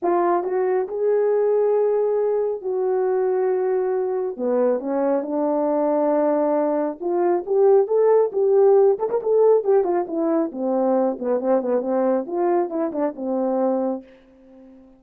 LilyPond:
\new Staff \with { instrumentName = "horn" } { \time 4/4 \tempo 4 = 137 f'4 fis'4 gis'2~ | gis'2 fis'2~ | fis'2 b4 cis'4 | d'1 |
f'4 g'4 a'4 g'4~ | g'8 a'16 ais'16 a'4 g'8 f'8 e'4 | c'4. b8 c'8 b8 c'4 | f'4 e'8 d'8 c'2 | }